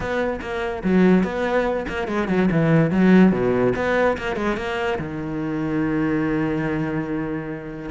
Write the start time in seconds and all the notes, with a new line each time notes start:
0.00 B3
0.41 A#3
0.83 F#3
1.23 B3
1.88 A#3
2.07 G#3
2.28 F#3
2.51 E3
2.91 F#3
3.32 B2
3.75 B3
4.17 A#3
4.36 G#3
4.56 A#3
4.98 D#3